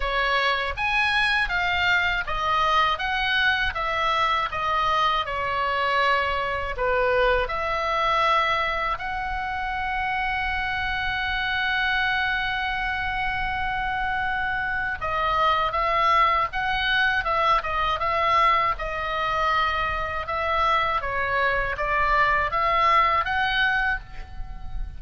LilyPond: \new Staff \with { instrumentName = "oboe" } { \time 4/4 \tempo 4 = 80 cis''4 gis''4 f''4 dis''4 | fis''4 e''4 dis''4 cis''4~ | cis''4 b'4 e''2 | fis''1~ |
fis''1 | dis''4 e''4 fis''4 e''8 dis''8 | e''4 dis''2 e''4 | cis''4 d''4 e''4 fis''4 | }